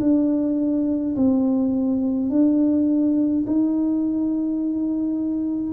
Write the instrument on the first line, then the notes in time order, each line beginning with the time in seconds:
tuba
0.00 D4
1.16 C4
2.30 D4
3.47 D#4